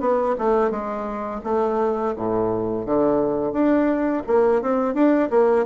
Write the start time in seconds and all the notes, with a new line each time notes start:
0.00 B3
0.39 A3
0.71 G#3
1.44 A3
2.17 A2
2.86 D3
3.53 D4
4.27 A#3
4.62 C4
4.94 D4
5.30 A#3